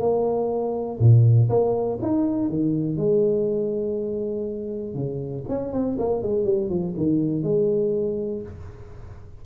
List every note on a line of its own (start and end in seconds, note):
0.00 0.99 A#3
1.00 1.49 A#2
1.49 1.99 A#3
2.02 2.49 D#4
2.49 2.97 D#3
2.97 4.95 G#3
4.95 5.44 C#3
5.49 5.73 C#4
5.73 5.98 C4
5.99 6.23 A#3
6.23 6.45 G#3
6.45 6.69 G3
6.69 6.94 F3
6.97 7.43 D#3
7.43 8.42 G#3